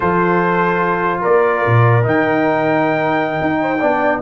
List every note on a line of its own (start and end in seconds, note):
0.00 1.24 F3
0.00 2.02 F4
0.00 1.20 A4
0.00 1.21 C5
1.20 1.66 A#3
1.20 3.57 A#4
1.20 2.05 D5
1.66 2.05 A#2
2.02 3.39 D#3
2.02 3.77 D#4
2.02 4.22 G5
3.41 3.82 D#4
3.61 3.80 C5
3.80 4.22 B3
3.80 4.22 D4
3.80 4.21 D5